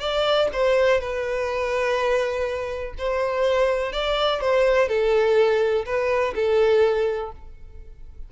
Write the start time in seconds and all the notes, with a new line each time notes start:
0.00 D5
0.53 C5
1.00 B4
2.98 C5
3.92 D5
4.41 C5
4.88 A4
5.85 B4
6.35 A4